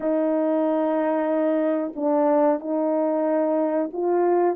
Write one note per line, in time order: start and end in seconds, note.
0.00 1.92 D#4
1.95 2.60 D4
2.60 3.90 D#4
3.92 4.56 F4